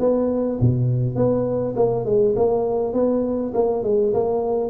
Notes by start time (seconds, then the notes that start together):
0.00 B3
0.60 B2
1.16 B3
1.76 A#3
2.05 G#3
2.36 A#3
2.94 B3
3.54 A#3
3.84 G#3
4.14 A#3